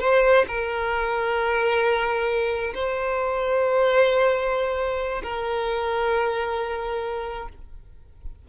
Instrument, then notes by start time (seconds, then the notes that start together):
violin
0.00 C5
0.48 A#4
2.74 C5
5.23 A#4